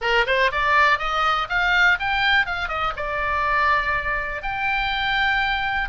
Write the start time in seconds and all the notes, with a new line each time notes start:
0.01 A#4
0.26 C5
0.51 D5
0.99 D#5
1.49 F5
1.99 G5
2.46 F5
2.68 D#5
2.96 D5
4.42 G5